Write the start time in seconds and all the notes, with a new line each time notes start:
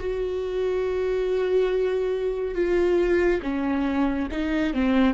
0.00 F#4
2.55 F4
3.43 C#4
4.32 D#4
4.74 C4